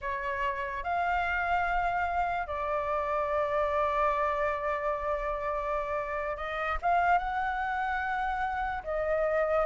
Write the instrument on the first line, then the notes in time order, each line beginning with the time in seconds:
flute
0.01 C#5
0.83 F5
2.47 D5
6.36 D#5
6.81 F5
7.18 F#5
8.84 D#5